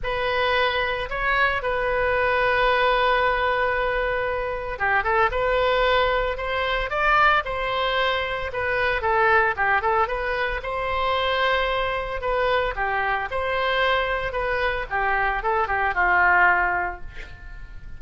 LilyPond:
\new Staff \with { instrumentName = "oboe" } { \time 4/4 \tempo 4 = 113 b'2 cis''4 b'4~ | b'1~ | b'4 g'8 a'8 b'2 | c''4 d''4 c''2 |
b'4 a'4 g'8 a'8 b'4 | c''2. b'4 | g'4 c''2 b'4 | g'4 a'8 g'8 f'2 | }